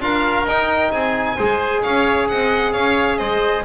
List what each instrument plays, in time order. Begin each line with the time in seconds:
0.00 double bass D4, trombone F4, oboe A#4, violin F5
0.45 double bass D#4, trombone D#4, violin G5
0.91 double bass C4, oboe G#4, violin G#5
1.36 double bass G#3, trombone G#4, oboe C5
1.82 double bass C#4, oboe C#5, violin F5
2.28 double bass C4, oboe D#5, violin F#5
2.72 double bass C#4, oboe C#5, violin F5
3.18 double bass G#3, oboe C5, violin D#5